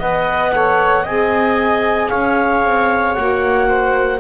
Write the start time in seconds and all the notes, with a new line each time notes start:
0.00 B3 B4 D#5 F#5
0.51 A4 C#5
1.04 C4 G#4 D#5 G#5
2.09 C#4 C#5 F5
2.64 C4
3.14 A#3 F#4 F#5
3.69 C5